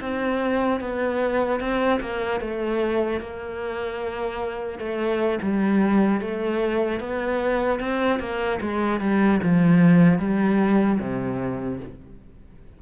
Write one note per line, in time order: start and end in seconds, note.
0.00 0.80 C4
0.80 1.60 B3
1.60 2.00 C4
2.00 2.40 A#3
2.40 3.20 A3
3.20 4.78 A#3
4.78 5.38 A3
5.41 6.20 G3
6.20 7.00 A3
7.00 7.79 B3
7.79 8.19 C4
8.19 8.59 A#3
8.60 9.00 G#3
9.00 9.40 G3
9.43 10.19 F3
10.19 10.99 G3
10.99 11.79 C3